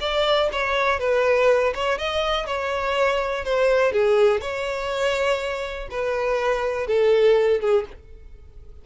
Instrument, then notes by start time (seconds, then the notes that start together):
violin
0.00 D5
0.52 C#5
0.99 B4
1.74 C#5
1.98 D#5
2.46 C#5
3.44 C5
3.92 G#4
4.41 C#5
5.90 B4
6.87 A4
7.60 G#4